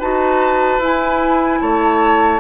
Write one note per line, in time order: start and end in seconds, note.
0.00 0.79 D#4
0.00 0.81 F#4
0.00 1.60 B4
0.00 0.81 A5
0.79 1.59 E4
0.79 2.41 E4
0.79 1.61 G#5
1.61 2.41 A3
1.61 2.41 C#5
1.61 2.41 A5